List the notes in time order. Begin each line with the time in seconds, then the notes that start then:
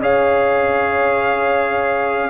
0.00 C#4 G#4 C#5 F5